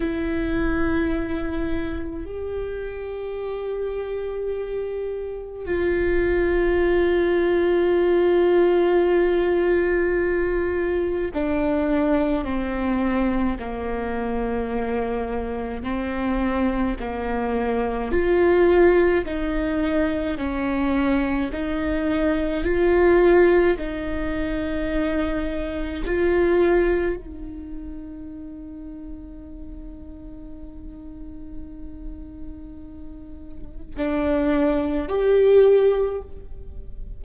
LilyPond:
\new Staff \with { instrumentName = "viola" } { \time 4/4 \tempo 4 = 53 e'2 g'2~ | g'4 f'2.~ | f'2 d'4 c'4 | ais2 c'4 ais4 |
f'4 dis'4 cis'4 dis'4 | f'4 dis'2 f'4 | dis'1~ | dis'2 d'4 g'4 | }